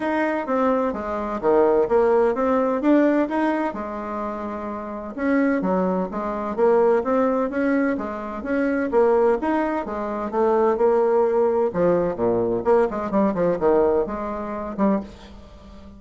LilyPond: \new Staff \with { instrumentName = "bassoon" } { \time 4/4 \tempo 4 = 128 dis'4 c'4 gis4 dis4 | ais4 c'4 d'4 dis'4 | gis2. cis'4 | fis4 gis4 ais4 c'4 |
cis'4 gis4 cis'4 ais4 | dis'4 gis4 a4 ais4~ | ais4 f4 ais,4 ais8 gis8 | g8 f8 dis4 gis4. g8 | }